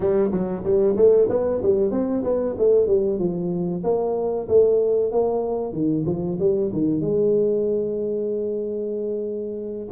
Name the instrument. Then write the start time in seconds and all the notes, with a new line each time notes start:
tuba
0.00 G3
0.31 F#3
0.64 G3
0.96 A3
1.29 B3
1.62 G3
1.91 C4
2.23 B3
2.58 A3
2.87 G3
3.19 F3
3.83 A#3
4.48 A3
5.11 A#3
5.72 D#3
6.06 F3
6.39 G3
6.72 D#3
7.00 G#3